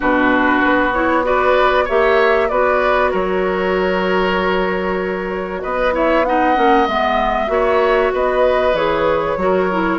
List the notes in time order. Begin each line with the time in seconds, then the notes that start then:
0.00 B2 D4 F#4 B4
0.64 B3
0.93 E4 C#5
1.23 F#4 B4 D5
1.85 A#3 G4 C#5 E5
2.48 B3 F#4 B4 D5
3.10 F#3 A#4 C#5
5.62 B3 B4 D#5
5.92 E4 C#5 E5
6.24 D#4 D#5 F#5
6.55 A#3 C#4
6.87 G#3 B3 E5
7.47 A#3 F#4 C#5
8.13 B3 B4 D#5
8.73 E3 G#4 C#5
9.36 F#3 F#4 A#4
9.71 E4